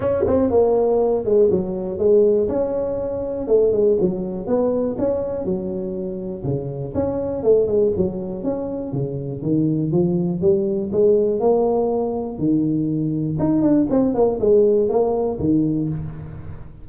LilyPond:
\new Staff \with { instrumentName = "tuba" } { \time 4/4 \tempo 4 = 121 cis'8 c'8 ais4. gis8 fis4 | gis4 cis'2 a8 gis8 | fis4 b4 cis'4 fis4~ | fis4 cis4 cis'4 a8 gis8 |
fis4 cis'4 cis4 dis4 | f4 g4 gis4 ais4~ | ais4 dis2 dis'8 d'8 | c'8 ais8 gis4 ais4 dis4 | }